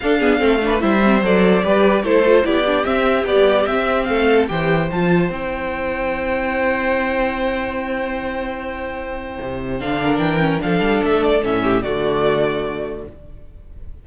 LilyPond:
<<
  \new Staff \with { instrumentName = "violin" } { \time 4/4 \tempo 4 = 147 f''2 e''4 d''4~ | d''4 c''4 d''4 e''4 | d''4 e''4 f''4 g''4 | a''4 g''2.~ |
g''1~ | g''1 | f''4 g''4 f''4 e''8 d''8 | e''4 d''2. | }
  \new Staff \with { instrumentName = "violin" } { \time 4/4 a'8 gis'8 a'8 b'8 c''2 | b'4 a'4 g'2~ | g'2 a'4 c''4~ | c''1~ |
c''1~ | c''1~ | c''8 ais'4. a'2~ | a'8 g'8 fis'2. | }
  \new Staff \with { instrumentName = "viola" } { \time 4/4 d'8 b8 c'8 d'8 e'8 c'8 a'4 | g'4 e'8 f'8 e'8 d'8 c'4 | g4 c'2 g'4 | f'4 e'2.~ |
e'1~ | e'1 | d'4. cis'8 d'2 | cis'4 a2. | }
  \new Staff \with { instrumentName = "cello" } { \time 4/4 d'4 a4 g4 fis4 | g4 a4 b4 c'4 | b4 c'4 a4 e4 | f4 c'2.~ |
c'1~ | c'2. c4 | d4 e4 f8 g8 a4 | a,4 d2. | }
>>